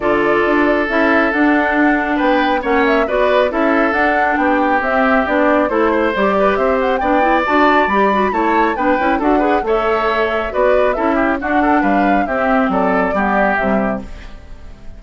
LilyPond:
<<
  \new Staff \with { instrumentName = "flute" } { \time 4/4 \tempo 4 = 137 d''2 e''4 fis''4~ | fis''4 g''4 fis''8 e''8 d''4 | e''4 fis''4 g''4 e''4 | d''4 c''4 d''4 e''8 fis''8 |
g''4 a''4 b''4 a''4 | g''4 fis''4 e''2 | d''4 e''4 fis''4 f''4 | e''4 d''2 e''4 | }
  \new Staff \with { instrumentName = "oboe" } { \time 4/4 a'1~ | a'4 b'4 cis''4 b'4 | a'2 g'2~ | g'4 a'8 c''4 b'8 c''4 |
d''2. cis''4 | b'4 a'8 b'8 cis''2 | b'4 a'8 g'8 fis'8 a'8 b'4 | g'4 a'4 g'2 | }
  \new Staff \with { instrumentName = "clarinet" } { \time 4/4 f'2 e'4 d'4~ | d'2 cis'4 fis'4 | e'4 d'2 c'4 | d'4 e'4 g'2 |
d'8 e'8 fis'4 g'8 fis'8 e'4 | d'8 e'8 fis'8 gis'8 a'2 | fis'4 e'4 d'2 | c'2 b4 g4 | }
  \new Staff \with { instrumentName = "bassoon" } { \time 4/4 d4 d'4 cis'4 d'4~ | d'4 b4 ais4 b4 | cis'4 d'4 b4 c'4 | b4 a4 g4 c'4 |
b4 d'4 g4 a4 | b8 cis'8 d'4 a2 | b4 cis'4 d'4 g4 | c'4 fis4 g4 c4 | }
>>